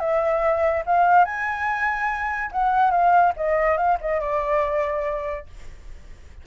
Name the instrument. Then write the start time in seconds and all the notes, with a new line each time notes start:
flute
0.00 E5
0.87 F5
1.25 G#5
2.52 F#5
2.91 F5
3.37 D#5
3.78 F5
4.01 D#5
4.21 D5